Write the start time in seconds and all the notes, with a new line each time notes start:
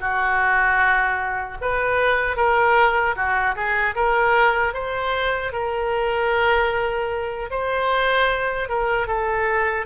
0.00 F#4
1.61 B4
2.36 A#4
3.16 F#4
3.56 G#4
3.95 A#4
4.74 C5
5.53 A#4
7.50 C5
8.69 A#4
9.07 A4